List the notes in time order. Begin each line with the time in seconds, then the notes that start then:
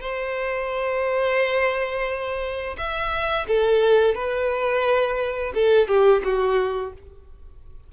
0.00 C5
2.77 E5
3.47 A4
4.14 B4
5.54 A4
5.87 G4
6.24 F#4